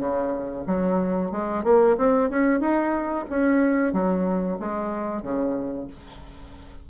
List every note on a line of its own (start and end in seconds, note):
0.00 0.65 C#3
0.67 1.32 F#3
1.32 1.64 G#3
1.64 1.97 A#3
1.98 2.30 C4
2.30 2.61 C#4
2.61 3.26 D#4
3.30 3.93 C#4
3.93 4.59 F#3
4.60 5.23 G#3
5.23 5.88 C#3